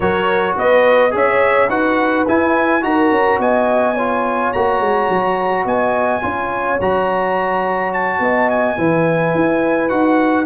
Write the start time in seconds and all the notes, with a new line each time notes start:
0.00 F#3 F#4 A#4 C#5
0.56 B3 B4 D#5
1.10 C#4 G#4 C#5 E5
1.68 D#4 F#4 B4 F#5
2.28 E4 G#5
2.81 D#4 F#4 A#4 A#5
3.11 C#4
3.38 B3 D#5 G#5
3.94 F4 C#5
4.52 A#3 F#4 A#5
4.80 G#3
5.09 F#3
5.65 B3 D#5 G#5
6.21 C#4 F4 C#5
6.80 F#3 F#4 A#5
7.93 A5
8.19 B3 D#5
8.50 G#5
8.77 E3 E4 B4
9.34 E4
9.89 D#4 F#4 F#5